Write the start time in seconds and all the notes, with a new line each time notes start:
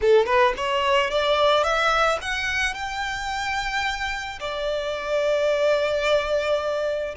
0.01 A4
0.26 B4
0.56 C#5
1.10 D5
1.63 E5
2.21 F#5
2.73 G5
4.40 D5